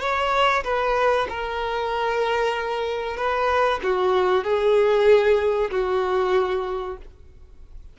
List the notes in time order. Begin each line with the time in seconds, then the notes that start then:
0.00 C#5
0.64 B4
1.29 A#4
3.16 B4
3.83 F#4
4.44 G#4
5.70 F#4